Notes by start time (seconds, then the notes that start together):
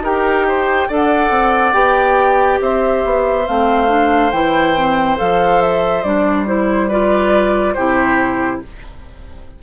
0.00 D#4 G4 A#4 G5
0.48 C5
0.89 D4 A4 D5
0.95 F#5
1.30 C4
1.74 B3 G4 G5
2.61 C4 C5 E5
3.05 B3
3.48 A3 C4 F5
3.88 D4
4.32 E3 E4 G5
4.77 C4
5.18 F3 A4 F5
5.62 E5
6.04 G3 D4 D5
6.47 E4 C5
6.89 F4 B4 D5
7.74 C3 E4 G4 C5